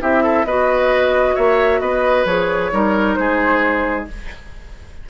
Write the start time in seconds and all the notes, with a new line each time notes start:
0.00 C4 E4 G4 E5
0.23 A4
0.45 B3 F#4 B4 D#5
1.35 A#3 C#5 E5
1.80 B3 B4 D#5
2.25 F3 G#4 C#5
2.72 G3 D#4 A#4
3.14 G#3 G#4 C5